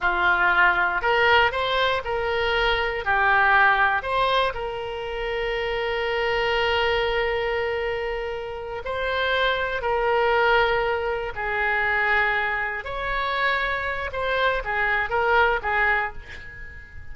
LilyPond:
\new Staff \with { instrumentName = "oboe" } { \time 4/4 \tempo 4 = 119 f'2 ais'4 c''4 | ais'2 g'2 | c''4 ais'2.~ | ais'1~ |
ais'4. c''2 ais'8~ | ais'2~ ais'8 gis'4.~ | gis'4. cis''2~ cis''8 | c''4 gis'4 ais'4 gis'4 | }